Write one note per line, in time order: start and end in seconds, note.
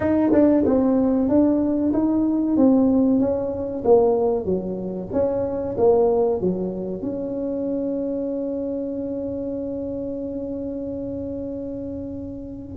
0.00 0.32 D#4
0.32 0.64 D4
0.65 1.28 C4
1.28 1.92 D4
1.93 2.56 D#4
2.56 3.19 C4
3.19 3.83 C#4
3.84 4.45 A#3
4.45 5.09 F#3
5.12 5.76 C#4
5.77 6.40 A#3
6.40 7.02 F#3
7.02 12.76 C#4